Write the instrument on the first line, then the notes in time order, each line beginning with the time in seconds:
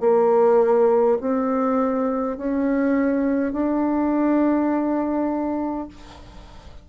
bassoon
0.00 A#3
1.21 C4
2.37 C#4
3.53 D4